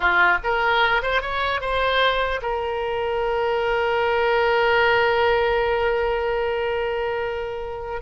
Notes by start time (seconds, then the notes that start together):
0.00 F4
0.43 A#4
1.02 C5
1.21 C#5
1.60 C5
2.42 A#4